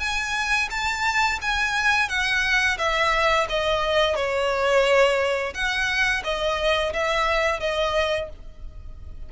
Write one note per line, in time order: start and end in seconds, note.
0.00 0.69 G#5
0.71 1.39 A5
1.42 2.09 G#5
2.09 2.78 F#5
2.78 3.47 E5
3.50 4.16 D#5
4.16 5.54 C#5
5.54 6.23 F#5
6.24 6.93 D#5
6.93 7.60 E5
7.60 8.29 D#5